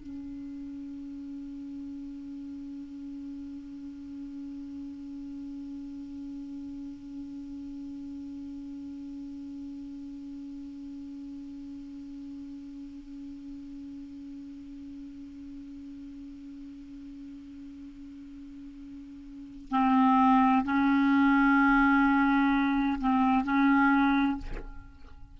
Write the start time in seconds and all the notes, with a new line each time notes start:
0.00 C#4
19.71 C4
20.65 C#4
23.01 C4
23.44 C#4